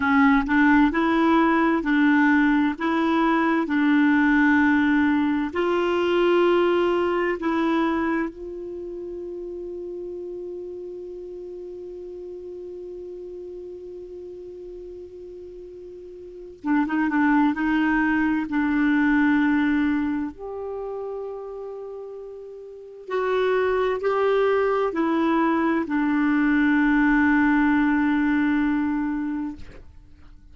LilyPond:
\new Staff \with { instrumentName = "clarinet" } { \time 4/4 \tempo 4 = 65 cis'8 d'8 e'4 d'4 e'4 | d'2 f'2 | e'4 f'2.~ | f'1~ |
f'2 d'16 dis'16 d'8 dis'4 | d'2 g'2~ | g'4 fis'4 g'4 e'4 | d'1 | }